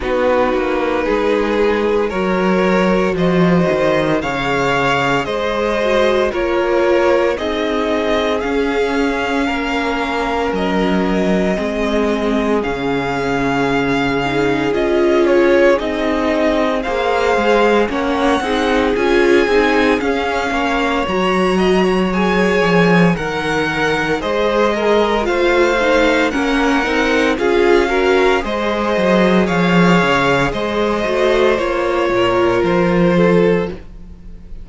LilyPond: <<
  \new Staff \with { instrumentName = "violin" } { \time 4/4 \tempo 4 = 57 b'2 cis''4 dis''4 | f''4 dis''4 cis''4 dis''4 | f''2 dis''2 | f''2 dis''8 cis''8 dis''4 |
f''4 fis''4 gis''4 f''4 | ais''4 gis''4 fis''4 dis''4 | f''4 fis''4 f''4 dis''4 | f''4 dis''4 cis''4 c''4 | }
  \new Staff \with { instrumentName = "violin" } { \time 4/4 fis'4 gis'4 ais'4 c''4 | cis''4 c''4 ais'4 gis'4~ | gis'4 ais'2 gis'4~ | gis'1 |
c''4 cis''8 gis'2 cis''8~ | cis''8 dis''16 cis''4~ cis''16 ais'4 c''8 ais'8 | c''4 ais'4 gis'8 ais'8 c''4 | cis''4 c''4. ais'4 a'8 | }
  \new Staff \with { instrumentName = "viola" } { \time 4/4 dis'2 fis'2 | gis'4. fis'8 f'4 dis'4 | cis'2. c'4 | cis'4. dis'8 f'4 dis'4 |
gis'4 cis'8 dis'8 f'8 dis'8 cis'4 | fis'4 gis'4 ais'4 gis'4 | f'8 dis'8 cis'8 dis'8 f'8 fis'8 gis'4~ | gis'4. fis'8 f'2 | }
  \new Staff \with { instrumentName = "cello" } { \time 4/4 b8 ais8 gis4 fis4 f8 dis8 | cis4 gis4 ais4 c'4 | cis'4 ais4 fis4 gis4 | cis2 cis'4 c'4 |
ais8 gis8 ais8 c'8 cis'8 c'8 cis'8 ais8 | fis4. f8 dis4 gis4 | a4 ais8 c'8 cis'4 gis8 fis8 | f8 cis8 gis8 a8 ais8 ais,8 f4 | }
>>